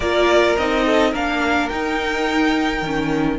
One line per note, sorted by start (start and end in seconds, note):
0.00 0.56 A#3
0.00 0.58 F4
0.00 0.85 A#4
0.00 0.55 D5
0.57 1.13 C4
0.57 1.14 D#4
0.57 1.13 D#5
0.85 1.11 A4
1.11 1.70 A#3
1.11 1.71 D4
1.11 3.38 A#4
1.11 1.69 F5
1.69 2.84 D#4
1.69 2.82 D#4
1.69 3.38 G5
2.82 3.38 D#3
2.82 3.38 C#4